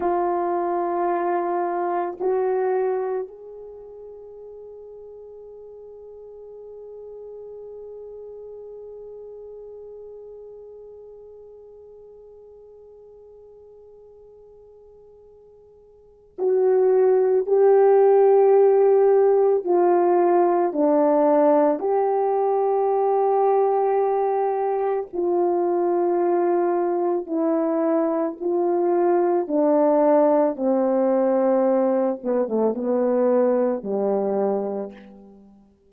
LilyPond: \new Staff \with { instrumentName = "horn" } { \time 4/4 \tempo 4 = 55 f'2 fis'4 gis'4~ | gis'1~ | gis'1~ | gis'2. fis'4 |
g'2 f'4 d'4 | g'2. f'4~ | f'4 e'4 f'4 d'4 | c'4. b16 a16 b4 g4 | }